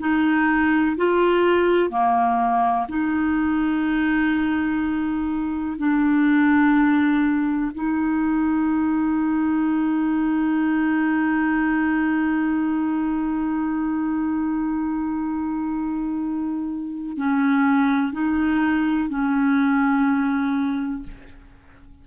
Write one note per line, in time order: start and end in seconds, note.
0.00 0.97 D#4
0.97 1.90 F4
1.90 2.87 A#3
2.89 5.78 D#4
5.78 7.72 D4
7.75 17.17 D#4
17.17 18.13 C#4
18.13 19.10 D#4
19.10 21.03 C#4